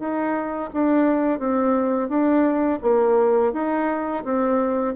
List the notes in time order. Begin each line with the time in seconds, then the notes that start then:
0.00 D#4
0.73 D4
1.40 C4
2.09 D4
2.83 A#3
3.53 D#4
4.25 C4